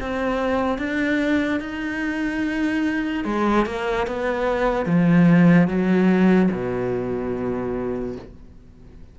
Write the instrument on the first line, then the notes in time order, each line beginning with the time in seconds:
cello
0.00 C4
0.78 D4
1.60 D#4
3.24 G#3
3.66 A#3
4.07 B3
4.86 F3
5.67 F#3
6.51 B2